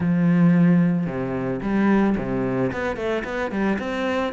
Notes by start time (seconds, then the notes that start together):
0.00 F3
1.06 C3
1.62 G3
2.17 C3
2.72 B3
2.96 A3
3.24 B3
3.51 G3
3.78 C4